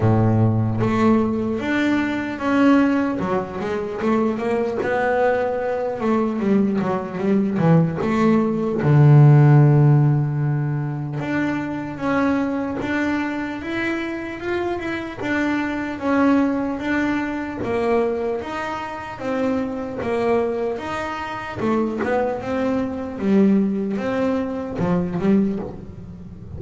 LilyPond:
\new Staff \with { instrumentName = "double bass" } { \time 4/4 \tempo 4 = 75 a,4 a4 d'4 cis'4 | fis8 gis8 a8 ais8 b4. a8 | g8 fis8 g8 e8 a4 d4~ | d2 d'4 cis'4 |
d'4 e'4 f'8 e'8 d'4 | cis'4 d'4 ais4 dis'4 | c'4 ais4 dis'4 a8 b8 | c'4 g4 c'4 f8 g8 | }